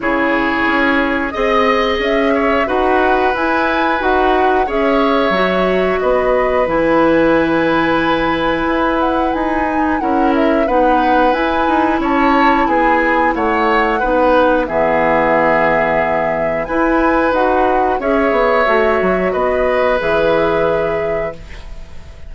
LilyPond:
<<
  \new Staff \with { instrumentName = "flute" } { \time 4/4 \tempo 4 = 90 cis''2 dis''4 e''4 | fis''4 gis''4 fis''4 e''4~ | e''4 dis''4 gis''2~ | gis''4. fis''8 gis''4 fis''8 e''8 |
fis''4 gis''4 a''4 gis''4 | fis''2 e''2~ | e''4 gis''4 fis''4 e''4~ | e''4 dis''4 e''2 | }
  \new Staff \with { instrumentName = "oboe" } { \time 4/4 gis'2 dis''4. cis''8 | b'2. cis''4~ | cis''4 b'2.~ | b'2. ais'4 |
b'2 cis''4 gis'4 | cis''4 b'4 gis'2~ | gis'4 b'2 cis''4~ | cis''4 b'2. | }
  \new Staff \with { instrumentName = "clarinet" } { \time 4/4 e'2 gis'2 | fis'4 e'4 fis'4 gis'4 | fis'2 e'2~ | e'2~ e'8 dis'8 e'4 |
dis'4 e'2.~ | e'4 dis'4 b2~ | b4 e'4 fis'4 gis'4 | fis'2 gis'2 | }
  \new Staff \with { instrumentName = "bassoon" } { \time 4/4 cis4 cis'4 c'4 cis'4 | dis'4 e'4 dis'4 cis'4 | fis4 b4 e2~ | e4 e'4 dis'4 cis'4 |
b4 e'8 dis'8 cis'4 b4 | a4 b4 e2~ | e4 e'4 dis'4 cis'8 b8 | a8 fis8 b4 e2 | }
>>